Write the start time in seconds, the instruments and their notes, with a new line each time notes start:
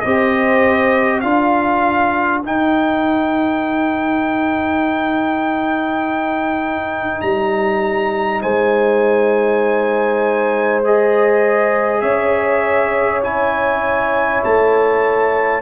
0.00 tuba C4, trombone G4, horn C5, trumpet D#5
1.21 tuba D4, trombone F4, horn A#4, trumpet F5
2.43 tuba D#4, trombone D#4, trumpet G5
7.21 tuba G3, trumpet A#5
8.42 tuba G#3, horn C5, trumpet G#5
10.85 trombone G#4, trumpet D#5
12.01 tuba C#4, horn C#5, trumpet E5
13.23 trombone E4, trumpet G#5
14.44 tuba A3, trumpet A5